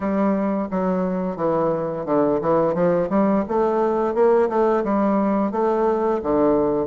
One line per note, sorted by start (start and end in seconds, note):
0.00 0.68 G3
0.71 1.36 F#3
1.36 2.05 E3
2.05 2.40 D3
2.41 2.74 E3
2.74 3.08 F3
3.09 3.44 G3
3.48 4.14 A3
4.14 4.49 A#3
4.49 4.83 A3
4.84 5.51 G3
5.51 6.20 A3
6.22 6.87 D3